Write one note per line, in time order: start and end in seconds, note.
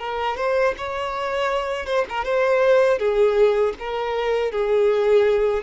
0.00 0.37 A#4
0.37 0.75 C5
0.78 1.86 C#5
1.86 2.05 C5
2.10 2.25 A#4
2.25 2.99 C5
2.99 3.74 G#4
3.79 4.52 A#4
4.52 5.63 G#4